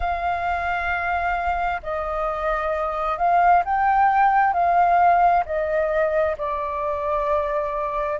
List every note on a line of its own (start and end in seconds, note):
0.00 1.81 F5
1.82 3.17 D#5
3.17 3.63 F5
3.64 4.52 G5
4.52 5.43 F5
5.45 6.36 D#5
6.37 8.19 D5